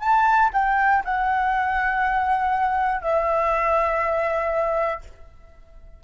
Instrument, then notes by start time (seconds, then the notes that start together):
flute
0.00 A5
0.53 G5
1.05 F#5
3.02 E5